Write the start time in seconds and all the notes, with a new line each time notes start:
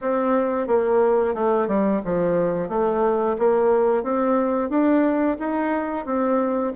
0.01 C4
0.67 A#3
1.34 A3
1.67 G3
2.04 F3
2.68 A3
3.38 A#3
4.03 C4
4.69 D4
5.39 D#4
6.05 C4